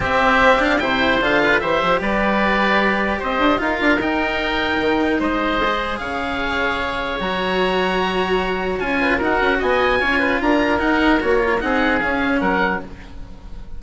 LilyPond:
<<
  \new Staff \with { instrumentName = "oboe" } { \time 4/4 \tempo 4 = 150 e''4. f''8 g''4 f''4 | e''4 d''2. | dis''4 f''4 g''2~ | g''4 dis''2 f''4~ |
f''2 ais''2~ | ais''2 gis''4 fis''4 | gis''2 ais''4 fis''4 | cis''4 fis''4 f''4 fis''4 | }
  \new Staff \with { instrumentName = "oboe" } { \time 4/4 g'2 c''4. b'8 | c''4 b'2. | c''4 ais'2.~ | ais'4 c''2 cis''4~ |
cis''1~ | cis''2~ cis''8 b'8 ais'4 | dis''4 cis''8 b'8 ais'2~ | ais'4 gis'2 ais'4 | }
  \new Staff \with { instrumentName = "cello" } { \time 4/4 c'4. d'8 e'4 f'4 | g'1~ | g'4 f'4 dis'2~ | dis'2 gis'2~ |
gis'2 fis'2~ | fis'2 f'4 fis'4~ | fis'4 f'2 dis'4 | fis'8 f'8 dis'4 cis'2 | }
  \new Staff \with { instrumentName = "bassoon" } { \time 4/4 c'2 c4 d4 | e8 f8 g2. | c'8 d'8 dis'8 d'8 dis'2 | dis4 gis2 cis4~ |
cis2 fis2~ | fis2 cis'4 dis'8 cis'8 | b4 cis'4 d'4 dis'4 | ais4 c'4 cis'4 fis4 | }
>>